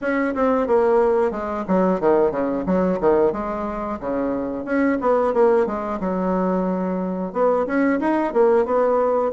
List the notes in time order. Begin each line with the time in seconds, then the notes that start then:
0.01 C#4
0.35 C4
0.67 A#3
1.31 G#3
1.67 F#3
2.00 D#3
2.31 C#3
2.65 F#3
3.00 D#3
3.32 G#3
4.00 C#3
4.64 C#4
5.01 B3
5.33 A#3
5.66 G#3
6.00 F#3
7.32 B3
7.66 C#4
8.00 D#4
8.33 A#3
8.65 B3